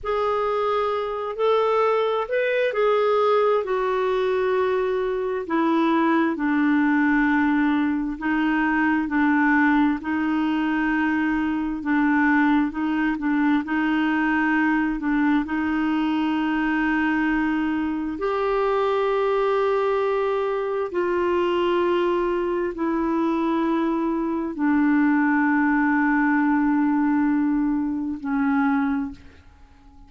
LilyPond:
\new Staff \with { instrumentName = "clarinet" } { \time 4/4 \tempo 4 = 66 gis'4. a'4 b'8 gis'4 | fis'2 e'4 d'4~ | d'4 dis'4 d'4 dis'4~ | dis'4 d'4 dis'8 d'8 dis'4~ |
dis'8 d'8 dis'2. | g'2. f'4~ | f'4 e'2 d'4~ | d'2. cis'4 | }